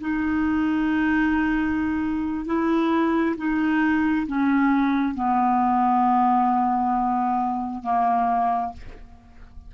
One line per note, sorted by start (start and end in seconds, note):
0.00 2.46 D#4
2.46 3.35 E4
3.37 4.27 D#4
4.27 5.15 C#4
5.15 7.83 B3
7.83 8.73 A#3